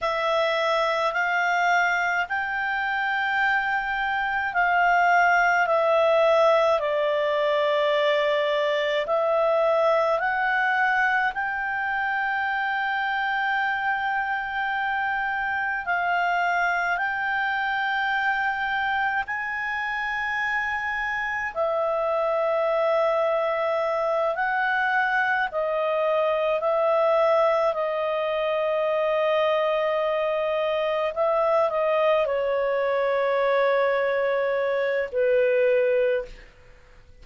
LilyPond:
\new Staff \with { instrumentName = "clarinet" } { \time 4/4 \tempo 4 = 53 e''4 f''4 g''2 | f''4 e''4 d''2 | e''4 fis''4 g''2~ | g''2 f''4 g''4~ |
g''4 gis''2 e''4~ | e''4. fis''4 dis''4 e''8~ | e''8 dis''2. e''8 | dis''8 cis''2~ cis''8 b'4 | }